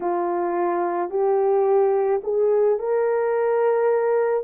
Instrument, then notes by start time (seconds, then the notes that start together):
horn
0.00 F4
1.10 G4
2.23 G#4
2.79 A#4